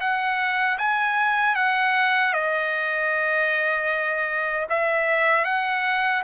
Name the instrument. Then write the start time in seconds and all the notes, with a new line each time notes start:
trumpet
0.00 F#5
0.78 G#5
1.55 F#5
2.33 D#5
4.69 E5
5.44 F#5